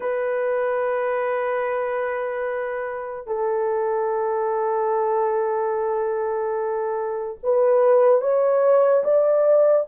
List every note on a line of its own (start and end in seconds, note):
0.00 3.27 B4
3.27 7.37 A4
7.43 8.21 B4
8.21 9.03 C#5
9.04 9.86 D5